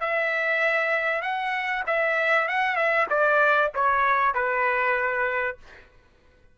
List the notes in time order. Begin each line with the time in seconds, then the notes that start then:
0.00 E5
1.22 F#5
1.86 E5
2.48 F#5
2.76 E5
3.10 D5
3.75 C#5
4.34 B4